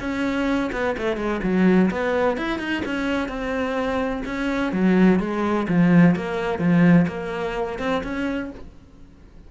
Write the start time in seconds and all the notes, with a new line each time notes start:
0.00 C#4
0.73 B3
0.98 A3
1.17 G#3
1.43 F#3
1.91 B3
2.37 E4
2.59 D#4
2.85 C#4
3.28 C4
4.26 C#4
4.72 F#3
5.20 G#3
5.68 F3
6.16 A#3
6.59 F3
7.08 A#3
7.79 C4
8.04 C#4